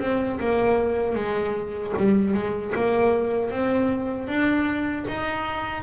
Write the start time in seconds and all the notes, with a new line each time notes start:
0.00 C4
0.39 A#3
1.15 G#3
1.98 G3
2.34 G#3
2.74 A#3
3.50 C4
4.27 D4
5.08 D#4